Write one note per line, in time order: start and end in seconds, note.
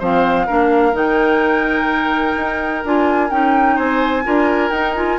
0.00 0.48 F3
0.00 0.47 C4
0.00 0.47 C5
0.00 0.96 F5
0.47 0.94 A#3
0.47 0.93 D4
0.47 3.76 A#4
0.93 2.36 D#3
0.93 2.82 D#4
0.93 2.85 G5
2.37 2.84 D#4
2.85 3.31 D4
2.85 3.30 F4
2.85 3.31 G#5
3.30 3.78 C#4
3.30 4.24 D#4
3.30 3.78 G5
3.76 4.26 C4
3.76 4.23 C5
3.76 4.71 G#5
4.24 4.71 D4
4.24 4.71 F4
4.24 5.20 A#4
4.71 5.18 D#4
4.71 4.96 D#4
4.71 4.94 G5
4.96 5.20 F4
4.96 5.19 G#5